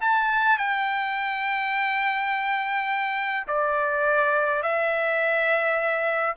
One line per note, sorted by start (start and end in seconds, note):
0.00 0.58 A5
0.58 3.46 G5
3.47 4.62 D5
4.62 6.35 E5